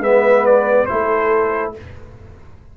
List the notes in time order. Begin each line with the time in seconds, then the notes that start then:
0.00 G#3 B3 B4 E5
0.46 D5
0.86 A3 E4 A4 C5